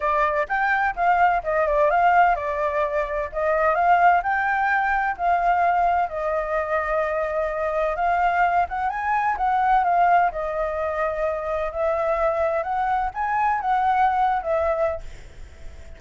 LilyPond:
\new Staff \with { instrumentName = "flute" } { \time 4/4 \tempo 4 = 128 d''4 g''4 f''4 dis''8 d''8 | f''4 d''2 dis''4 | f''4 g''2 f''4~ | f''4 dis''2.~ |
dis''4 f''4. fis''8 gis''4 | fis''4 f''4 dis''2~ | dis''4 e''2 fis''4 | gis''4 fis''4.~ fis''16 e''4~ e''16 | }